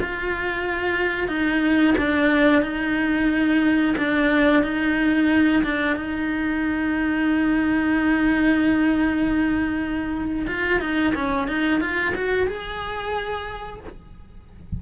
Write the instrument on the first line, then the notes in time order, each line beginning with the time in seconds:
cello
0.00 F4
1.28 D#4
1.98 D4
2.62 D#4
3.97 D4
4.63 D#4
5.63 D4
5.96 D#4
10.47 F4
10.80 D#4
11.15 C#4
11.48 D#4
11.80 F4
12.15 F#4
12.47 G#4